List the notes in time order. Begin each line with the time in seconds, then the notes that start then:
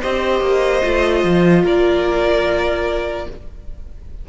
0.00 C4 G4 C5 D#5
0.40 A#3
0.82 A3 F4
1.23 F3
1.64 A#3 A#4 D5